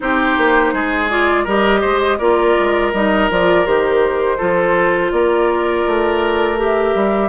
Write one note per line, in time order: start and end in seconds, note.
0.00 0.37 C4
0.00 1.09 D#4
0.00 0.73 G4
0.00 1.09 C5
0.37 0.73 A#3
0.73 1.46 G#3
0.73 1.44 G#4
1.09 1.46 F4
1.09 1.46 D5
1.44 1.83 G3
1.44 2.20 G4
1.44 1.80 A#4
1.44 2.18 D#5
1.81 2.19 G#3
1.81 2.17 C5
2.18 2.56 A#3
2.18 2.93 F4
2.18 4.37 A#4
2.18 2.91 D5
2.59 2.93 G#3
2.93 3.29 G3
2.93 3.30 D#4
2.93 3.29 D#5
3.29 3.66 F3
3.29 3.65 F4
3.29 3.66 D5
3.65 4.39 D#3
3.65 4.38 G4
3.65 5.11 C5
4.37 5.12 F3
4.37 6.57 F4
4.37 5.10 A4
5.11 5.85 A#3
5.11 7.29 A#4
5.11 6.58 D5
5.87 6.94 A3
6.57 7.29 G4
6.63 7.29 E5
6.94 7.29 G3